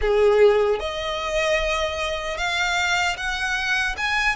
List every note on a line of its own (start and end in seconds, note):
0.01 0.79 G#4
0.79 2.37 D#5
2.37 3.16 F5
3.17 3.95 F#5
3.97 4.35 G#5